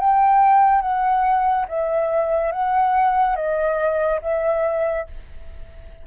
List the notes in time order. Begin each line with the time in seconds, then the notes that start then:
0.00 G5
0.82 F#5
1.68 E5
2.52 F#5
3.36 D#5
4.22 E5